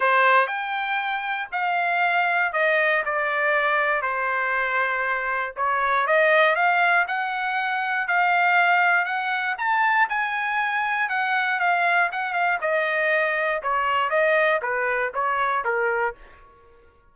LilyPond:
\new Staff \with { instrumentName = "trumpet" } { \time 4/4 \tempo 4 = 119 c''4 g''2 f''4~ | f''4 dis''4 d''2 | c''2. cis''4 | dis''4 f''4 fis''2 |
f''2 fis''4 a''4 | gis''2 fis''4 f''4 | fis''8 f''8 dis''2 cis''4 | dis''4 b'4 cis''4 ais'4 | }